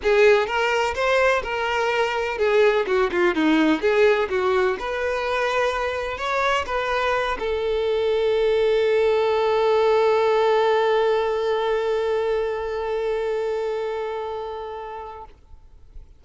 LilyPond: \new Staff \with { instrumentName = "violin" } { \time 4/4 \tempo 4 = 126 gis'4 ais'4 c''4 ais'4~ | ais'4 gis'4 fis'8 f'8 dis'4 | gis'4 fis'4 b'2~ | b'4 cis''4 b'4. a'8~ |
a'1~ | a'1~ | a'1~ | a'1 | }